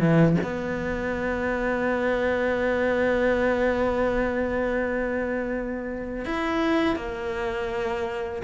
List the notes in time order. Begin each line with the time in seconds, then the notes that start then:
0.00 E3
0.43 B3
6.25 E4
6.96 A#3